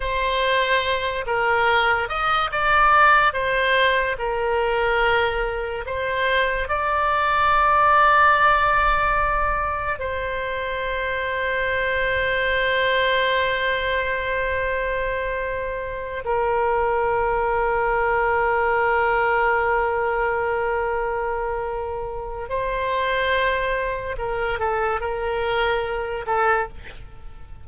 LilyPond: \new Staff \with { instrumentName = "oboe" } { \time 4/4 \tempo 4 = 72 c''4. ais'4 dis''8 d''4 | c''4 ais'2 c''4 | d''1 | c''1~ |
c''2.~ c''8 ais'8~ | ais'1~ | ais'2. c''4~ | c''4 ais'8 a'8 ais'4. a'8 | }